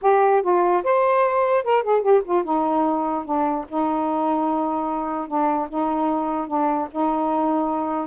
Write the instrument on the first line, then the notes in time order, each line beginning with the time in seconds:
saxophone
0.01 G4
0.42 F4
0.83 C5
1.63 A#4
1.83 G#4
2.01 G4
2.24 F4
2.44 D#4
3.24 D4
3.68 D#4
5.27 D4
5.69 D#4
6.47 D4
6.91 D#4